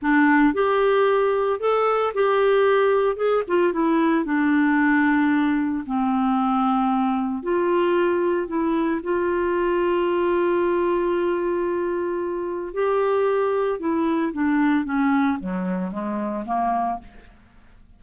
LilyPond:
\new Staff \with { instrumentName = "clarinet" } { \time 4/4 \tempo 4 = 113 d'4 g'2 a'4 | g'2 gis'8 f'8 e'4 | d'2. c'4~ | c'2 f'2 |
e'4 f'2.~ | f'1 | g'2 e'4 d'4 | cis'4 fis4 gis4 ais4 | }